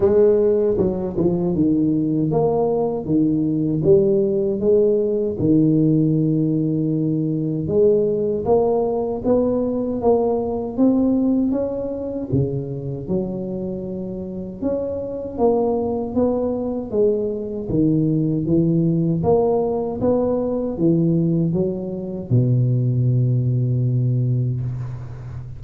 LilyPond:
\new Staff \with { instrumentName = "tuba" } { \time 4/4 \tempo 4 = 78 gis4 fis8 f8 dis4 ais4 | dis4 g4 gis4 dis4~ | dis2 gis4 ais4 | b4 ais4 c'4 cis'4 |
cis4 fis2 cis'4 | ais4 b4 gis4 dis4 | e4 ais4 b4 e4 | fis4 b,2. | }